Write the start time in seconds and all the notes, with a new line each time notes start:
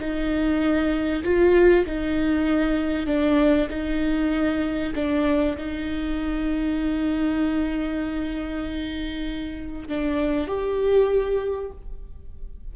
0.00 D#4
1.24 F4
1.86 D#4
3.07 D4
3.70 D#4
4.95 D4
5.57 D#4
9.89 D4
10.48 G4